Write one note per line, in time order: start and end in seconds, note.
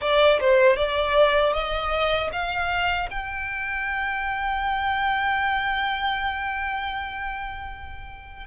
0.01 0.39 D5
0.40 0.76 C5
0.76 1.53 D5
1.53 2.30 D#5
2.32 3.09 F5
3.10 8.46 G5